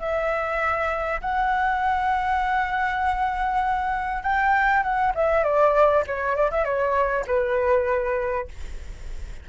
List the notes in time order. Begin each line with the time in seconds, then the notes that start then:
0.00 E5
1.22 F#5
4.23 G5
4.83 F#5
5.15 E5
5.44 D5
6.07 C#5
6.36 D5
6.51 E5
6.65 C#5
7.27 B4